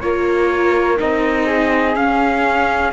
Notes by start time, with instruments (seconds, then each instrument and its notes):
0.00 cello A#3, viola F4, flute A#4, trumpet C#5
0.97 cello C4, viola D#4, trumpet D#5
1.46 flute G#4
1.95 viola C#4, cello C#4, trumpet F5